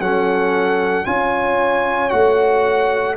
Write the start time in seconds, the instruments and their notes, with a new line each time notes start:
0.00 tuba F#3, trombone C#4, horn A4, trumpet F#5
1.05 tuba C#4, trombone F4, horn C#5, trumpet G#5
2.10 tuba A3, trombone F#4, trumpet F#5